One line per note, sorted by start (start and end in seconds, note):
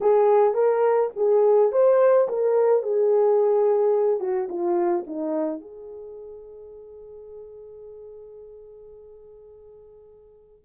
0.00 0.54 G#4
0.54 1.10 A#4
1.15 1.72 G#4
1.72 2.28 C5
2.28 2.82 A#4
2.82 4.20 G#4
4.20 4.48 F#4
4.48 5.04 F4
5.06 5.60 D#4
5.60 10.65 G#4